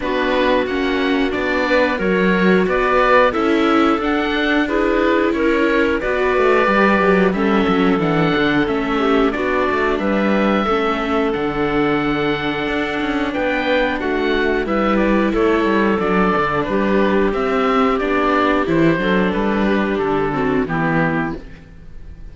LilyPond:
<<
  \new Staff \with { instrumentName = "oboe" } { \time 4/4 \tempo 4 = 90 b'4 fis''4 d''4 cis''4 | d''4 e''4 fis''4 b'4 | cis''4 d''2 e''4 | fis''4 e''4 d''4 e''4~ |
e''4 fis''2. | g''4 fis''4 e''8 d''8 cis''4 | d''4 b'4 e''4 d''4 | c''4 b'4 a'4 g'4 | }
  \new Staff \with { instrumentName = "clarinet" } { \time 4/4 fis'2~ fis'8 b'8 ais'4 | b'4 a'2 gis'4 | ais'4 b'2 a'4~ | a'4. g'8 fis'4 b'4 |
a'1 | b'4 fis'4 b'4 a'4~ | a'4 g'2.~ | g'8 a'4 g'4 fis'8 e'4 | }
  \new Staff \with { instrumentName = "viola" } { \time 4/4 d'4 cis'4 d'4 fis'4~ | fis'4 e'4 d'4 e'4~ | e'4 fis'4 g'4 cis'4 | d'4 cis'4 d'2 |
cis'4 d'2.~ | d'2 e'2 | d'2 c'4 d'4 | e'8 d'2 c'8 b4 | }
  \new Staff \with { instrumentName = "cello" } { \time 4/4 b4 ais4 b4 fis4 | b4 cis'4 d'2 | cis'4 b8 a8 g8 fis8 g8 fis8 | e8 d8 a4 b8 a8 g4 |
a4 d2 d'8 cis'8 | b4 a4 g4 a8 g8 | fis8 d8 g4 c'4 b4 | e8 fis8 g4 d4 e4 | }
>>